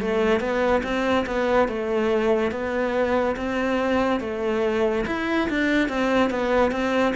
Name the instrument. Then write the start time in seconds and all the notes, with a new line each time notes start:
cello
0.00 A3
0.40 B3
0.83 C4
1.26 B3
1.68 A3
2.51 B3
3.36 C4
4.20 A3
5.06 E4
5.49 D4
5.88 C4
6.30 B3
6.71 C4